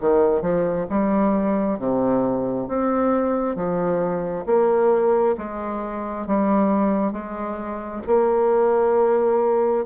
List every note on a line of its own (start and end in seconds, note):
0.00 0.41 D#3
0.41 0.86 F3
0.89 1.78 G3
1.78 2.67 C3
2.67 3.55 C4
3.55 4.45 F3
4.46 5.35 A#3
5.37 6.26 G#3
6.26 7.12 G3
7.12 8.01 G#3
8.06 9.85 A#3